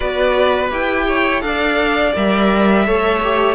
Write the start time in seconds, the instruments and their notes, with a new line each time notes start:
0.00 cello B3, viola F#4, violin B4 D5
0.70 cello E4, viola G4, violin G5
1.07 violin C#5
1.40 cello D4, viola A4, violin D5 F5
2.15 cello G3, viola A#4, violin E5
2.86 cello A3, viola A4, violin C#5
3.23 viola G4